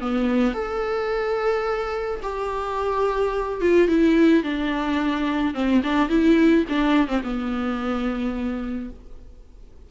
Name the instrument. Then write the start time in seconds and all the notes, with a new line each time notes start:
viola
0.00 B3
0.54 A4
2.22 G4
3.61 F4
3.88 E4
4.43 D4
5.54 C4
5.83 D4
6.09 E4
6.69 D4
7.08 C4
7.23 B3